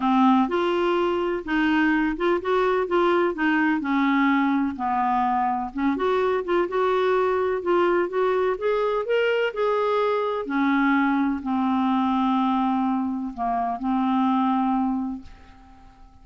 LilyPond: \new Staff \with { instrumentName = "clarinet" } { \time 4/4 \tempo 4 = 126 c'4 f'2 dis'4~ | dis'8 f'8 fis'4 f'4 dis'4 | cis'2 b2 | cis'8 fis'4 f'8 fis'2 |
f'4 fis'4 gis'4 ais'4 | gis'2 cis'2 | c'1 | ais4 c'2. | }